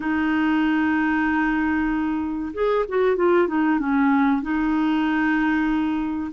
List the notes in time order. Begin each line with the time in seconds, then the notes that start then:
0.00 D#4
2.53 G#4
2.88 F#4
3.16 F4
3.47 D#4
3.79 C#4
4.42 D#4